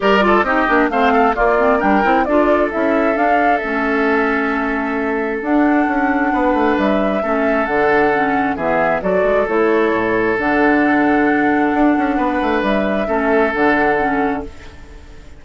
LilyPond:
<<
  \new Staff \with { instrumentName = "flute" } { \time 4/4 \tempo 4 = 133 d''4 dis''4 f''4 d''4 | g''4 d''4 e''4 f''4 | e''1 | fis''2. e''4~ |
e''4 fis''2 e''4 | d''4 cis''2 fis''4~ | fis''1 | e''2 fis''2 | }
  \new Staff \with { instrumentName = "oboe" } { \time 4/4 ais'8 a'8 g'4 c''8 a'8 f'4 | ais'4 a'2.~ | a'1~ | a'2 b'2 |
a'2. gis'4 | a'1~ | a'2. b'4~ | b'4 a'2. | }
  \new Staff \with { instrumentName = "clarinet" } { \time 4/4 g'8 f'8 dis'8 d'8 c'4 ais8 c'8 | d'8 e'8 f'4 e'4 d'4 | cis'1 | d'1 |
cis'4 d'4 cis'4 b4 | fis'4 e'2 d'4~ | d'1~ | d'4 cis'4 d'4 cis'4 | }
  \new Staff \with { instrumentName = "bassoon" } { \time 4/4 g4 c'8 ais8 a4 ais4 | g8 c'8 d'4 cis'4 d'4 | a1 | d'4 cis'4 b8 a8 g4 |
a4 d2 e4 | fis8 gis8 a4 a,4 d4~ | d2 d'8 cis'8 b8 a8 | g4 a4 d2 | }
>>